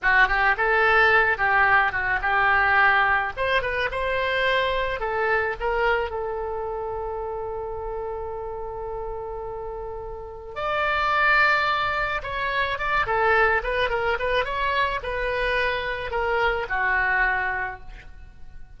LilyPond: \new Staff \with { instrumentName = "oboe" } { \time 4/4 \tempo 4 = 108 fis'8 g'8 a'4. g'4 fis'8 | g'2 c''8 b'8 c''4~ | c''4 a'4 ais'4 a'4~ | a'1~ |
a'2. d''4~ | d''2 cis''4 d''8 a'8~ | a'8 b'8 ais'8 b'8 cis''4 b'4~ | b'4 ais'4 fis'2 | }